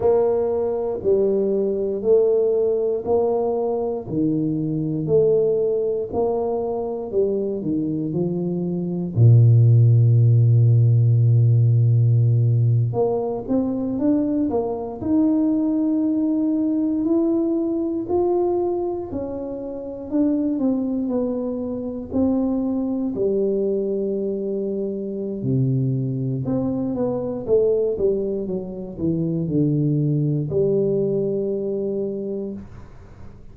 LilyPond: \new Staff \with { instrumentName = "tuba" } { \time 4/4 \tempo 4 = 59 ais4 g4 a4 ais4 | dis4 a4 ais4 g8 dis8 | f4 ais,2.~ | ais,8. ais8 c'8 d'8 ais8 dis'4~ dis'16~ |
dis'8. e'4 f'4 cis'4 d'16~ | d'16 c'8 b4 c'4 g4~ g16~ | g4 c4 c'8 b8 a8 g8 | fis8 e8 d4 g2 | }